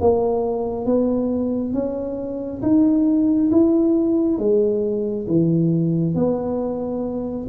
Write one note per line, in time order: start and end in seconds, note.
0.00 0.85 A#3
0.85 1.73 B3
1.73 2.61 C#4
2.61 3.50 D#4
3.51 4.38 E4
4.38 5.26 G#3
5.27 6.14 E3
6.14 7.47 B3